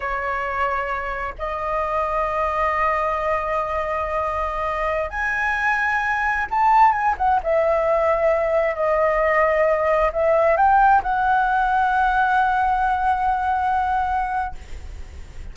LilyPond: \new Staff \with { instrumentName = "flute" } { \time 4/4 \tempo 4 = 132 cis''2. dis''4~ | dis''1~ | dis''2.~ dis''16 gis''8.~ | gis''2~ gis''16 a''4 gis''8 fis''16~ |
fis''16 e''2. dis''8.~ | dis''2~ dis''16 e''4 g''8.~ | g''16 fis''2.~ fis''8.~ | fis''1 | }